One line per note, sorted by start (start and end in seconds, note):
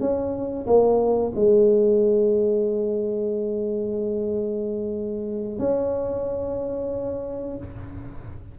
0.00 0.66 C#4
0.66 1.32 A#3
1.35 5.59 G#3
5.59 7.56 C#4